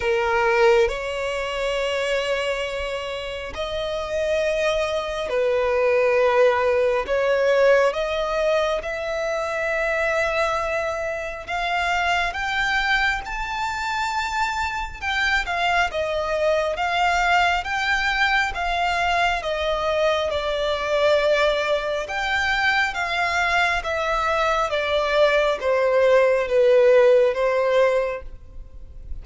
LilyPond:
\new Staff \with { instrumentName = "violin" } { \time 4/4 \tempo 4 = 68 ais'4 cis''2. | dis''2 b'2 | cis''4 dis''4 e''2~ | e''4 f''4 g''4 a''4~ |
a''4 g''8 f''8 dis''4 f''4 | g''4 f''4 dis''4 d''4~ | d''4 g''4 f''4 e''4 | d''4 c''4 b'4 c''4 | }